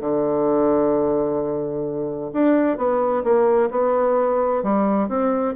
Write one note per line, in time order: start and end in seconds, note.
0.00 2.31 D3
2.33 2.77 D4
2.77 3.23 B3
3.23 3.69 A#3
3.70 4.63 B3
4.63 5.08 G3
5.08 5.54 C4